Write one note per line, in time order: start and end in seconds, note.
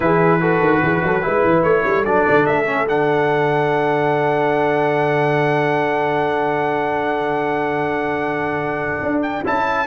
0.00 0.60 E3
0.00 0.40 E4
0.00 0.40 G#4
0.00 1.63 B4
0.40 1.22 F#4
0.40 0.82 A4
0.60 0.81 D#3
0.82 1.03 E3
0.82 1.03 G#4
1.04 1.24 F#3
1.04 1.23 A4
1.22 1.43 G#3
1.22 2.04 E4
1.22 1.84 B4
1.43 1.63 E3
1.63 1.84 A3
1.63 2.04 C#5
1.85 2.05 G3
1.85 9.86 A4
2.04 2.26 F#3
2.04 2.65 D4
2.04 2.45 D5
2.29 2.47 D3
2.46 2.87 A3
2.46 2.87 E5
2.65 2.86 C#4
2.87 9.02 D3
2.87 9.44 D4
2.87 9.22 F#5
9.02 9.43 D4
9.22 9.43 G5
9.44 9.86 C#4
9.44 9.86 E4
9.44 9.86 A5